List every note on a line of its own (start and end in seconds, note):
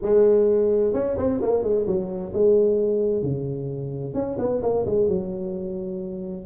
0.01 0.93 G#3
0.93 1.16 C#4
1.17 1.40 C4
1.41 1.63 A#3
1.63 1.86 G#3
1.87 2.33 F#3
2.33 3.22 G#3
3.22 4.13 C#3
4.13 4.37 C#4
4.38 4.61 B3
4.62 4.85 A#3
4.86 5.08 G#3
5.08 6.46 F#3